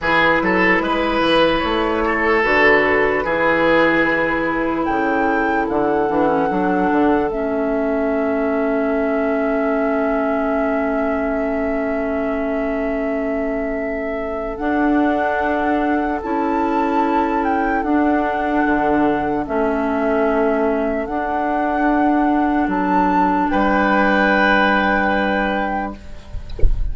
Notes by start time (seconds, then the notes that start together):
0.00 E3 E4 G#4 B4
0.41 F#3 A4
0.80 G#3 B4
1.20 E3
1.58 A3 C#5
2.05 A4
2.42 D3 F#4 B4
3.23 E3 E4 G#4
4.85 C#3 A4 G5
5.68 D3 F#5
6.09 E3 D4
6.27 C#4
6.49 F#3 D4
6.91 D3
7.28 A3 C#4 E5
14.57 D4 F#5
16.22 C#4 E4 A5
17.43 G5
17.83 D4 F#5
18.65 D3
19.45 A3 C#4 E5
21.06 D4 F#5
22.67 F#3 A5
23.49 G3 B4 G5